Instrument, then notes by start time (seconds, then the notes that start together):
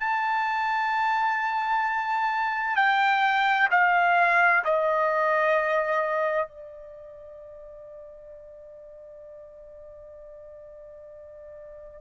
trumpet
0.00 A5
2.76 G5
3.71 F5
4.64 D#5
6.48 D5